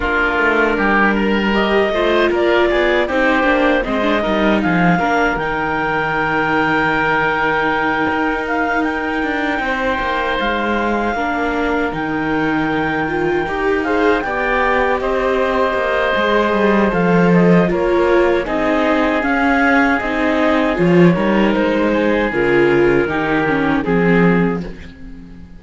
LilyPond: <<
  \new Staff \with { instrumentName = "clarinet" } { \time 4/4 \tempo 4 = 78 ais'2 dis''4 d''4 | c''4 dis''4 f''4 g''4~ | g''2. f''8 g''8~ | g''4. f''2 g''8~ |
g''2 f''8 g''4 dis''8~ | dis''2 f''8 dis''8 cis''4 | dis''4 f''4 dis''4 cis''4 | c''4 ais'2 gis'4 | }
  \new Staff \with { instrumentName = "oboe" } { \time 4/4 f'4 g'8 ais'4 c''8 ais'8 gis'8 | g'4 c''8 ais'8 gis'8 ais'4.~ | ais'1~ | ais'8 c''2 ais'4.~ |
ais'2 c''8 d''4 c''8~ | c''2. ais'4 | gis'2.~ gis'8 ais'8~ | ais'8 gis'4. g'4 gis'4 | }
  \new Staff \with { instrumentName = "viola" } { \time 4/4 d'2 g'8 f'4. | dis'8 d'8 c'16 d'16 dis'4 d'8 dis'4~ | dis'1~ | dis'2~ dis'8 d'4 dis'8~ |
dis'4 f'8 g'8 gis'8 g'4.~ | g'4 gis'4 a'4 f'4 | dis'4 cis'4 dis'4 f'8 dis'8~ | dis'4 f'4 dis'8 cis'8 c'4 | }
  \new Staff \with { instrumentName = "cello" } { \time 4/4 ais8 a8 g4. a8 ais8 b8 | c'8 ais8 gis8 g8 f8 ais8 dis4~ | dis2~ dis8 dis'4. | d'8 c'8 ais8 gis4 ais4 dis8~ |
dis4. dis'4 b4 c'8~ | c'8 ais8 gis8 g8 f4 ais4 | c'4 cis'4 c'4 f8 g8 | gis4 cis4 dis4 f4 | }
>>